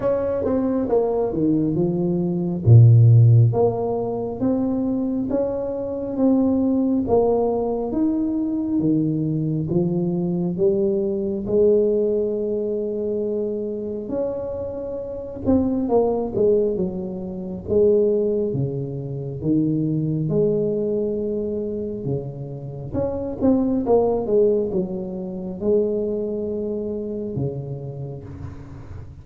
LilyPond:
\new Staff \with { instrumentName = "tuba" } { \time 4/4 \tempo 4 = 68 cis'8 c'8 ais8 dis8 f4 ais,4 | ais4 c'4 cis'4 c'4 | ais4 dis'4 dis4 f4 | g4 gis2. |
cis'4. c'8 ais8 gis8 fis4 | gis4 cis4 dis4 gis4~ | gis4 cis4 cis'8 c'8 ais8 gis8 | fis4 gis2 cis4 | }